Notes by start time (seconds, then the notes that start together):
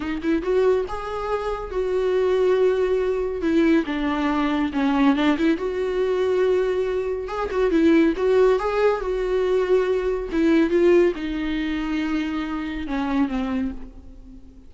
0.00 D#4
0.22 E4
0.42 F#4
0.88 G#4
1.70 F#4
3.41 E4
3.86 D4
4.73 C#4
5.15 D4
5.38 E4
5.57 F#4
7.28 G#4
7.50 F#4
7.70 E4
8.16 F#4
8.59 G#4
9.00 F#4
10.32 E4
10.70 F4
11.15 D#4
12.87 C#4
13.28 C4